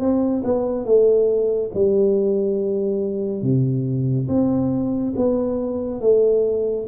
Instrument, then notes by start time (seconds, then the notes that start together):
tuba
0.00 C4
0.44 B3
0.85 A3
1.75 G3
3.42 C3
4.28 C4
5.17 B3
6.01 A3